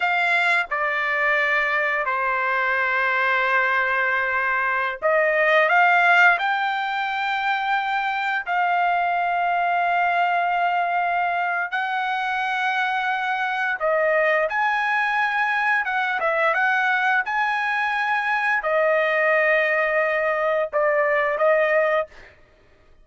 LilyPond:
\new Staff \with { instrumentName = "trumpet" } { \time 4/4 \tempo 4 = 87 f''4 d''2 c''4~ | c''2.~ c''16 dis''8.~ | dis''16 f''4 g''2~ g''8.~ | g''16 f''2.~ f''8.~ |
f''4 fis''2. | dis''4 gis''2 fis''8 e''8 | fis''4 gis''2 dis''4~ | dis''2 d''4 dis''4 | }